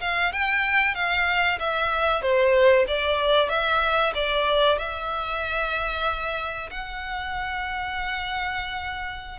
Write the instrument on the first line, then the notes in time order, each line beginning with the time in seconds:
violin
0.00 F5
0.32 G5
0.94 F5
1.59 E5
2.21 C5
2.87 D5
3.49 E5
4.14 D5
4.78 E5
6.70 F#5